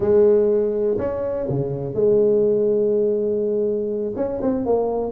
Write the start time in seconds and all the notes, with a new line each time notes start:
0.00 G#3
0.98 C#4
1.49 C#3
1.94 G#3
4.16 C#4
4.41 C4
4.65 A#3